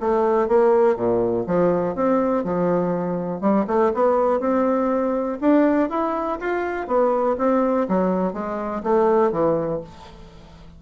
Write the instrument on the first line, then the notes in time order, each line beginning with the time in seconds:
bassoon
0.00 A3
0.48 A#3
0.96 A#2
1.47 F3
1.95 C4
2.44 F3
3.40 G3
3.67 A3
3.94 B3
4.40 C4
5.41 D4
5.89 E4
6.40 F4
6.87 B3
7.38 C4
7.88 F#3
8.33 G#3
8.83 A3
9.32 E3